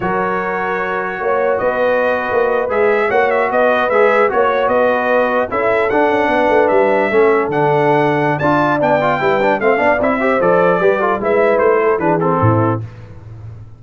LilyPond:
<<
  \new Staff \with { instrumentName = "trumpet" } { \time 4/4 \tempo 4 = 150 cis''1 | dis''2~ dis''8. e''4 fis''16~ | fis''16 e''8 dis''4 e''4 cis''4 dis''16~ | dis''4.~ dis''16 e''4 fis''4~ fis''16~ |
fis''8. e''2 fis''4~ fis''16~ | fis''4 a''4 g''2 | f''4 e''4 d''2 | e''4 c''4 b'8 a'4. | }
  \new Staff \with { instrumentName = "horn" } { \time 4/4 ais'2. cis''4 | b'2.~ b'8. cis''16~ | cis''8. b'2 cis''4 b'16~ | b'4.~ b'16 a'2 b'16~ |
b'4.~ b'16 a'2~ a'16~ | a'4 d''2 b'4 | e''8 d''4 c''4. b'8 a'8 | b'4. a'8 gis'4 e'4 | }
  \new Staff \with { instrumentName = "trombone" } { \time 4/4 fis'1~ | fis'2~ fis'8. gis'4 fis'16~ | fis'4.~ fis'16 gis'4 fis'4~ fis'16~ | fis'4.~ fis'16 e'4 d'4~ d'16~ |
d'4.~ d'16 cis'4 d'4~ d'16~ | d'4 f'4 d'8 f'8 e'8 d'8 | c'8 d'8 e'8 g'8 a'4 g'8 f'8 | e'2 d'8 c'4. | }
  \new Staff \with { instrumentName = "tuba" } { \time 4/4 fis2. ais4 | b4.~ b16 ais4 gis4 ais16~ | ais8. b4 gis4 ais4 b16~ | b4.~ b16 cis'4 d'8 cis'8 b16~ |
b16 a8 g4 a4 d4~ d16~ | d4 d'4 b4 g4 | a8 b8 c'4 f4 g4 | gis4 a4 e4 a,4 | }
>>